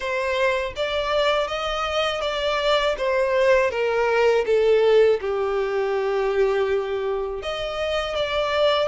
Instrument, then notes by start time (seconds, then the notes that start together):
violin
0.00 C5
0.76 D5
1.47 D#5
2.21 D5
2.97 C5
3.70 A#4
4.46 A4
5.21 G4
7.42 D#5
8.15 D5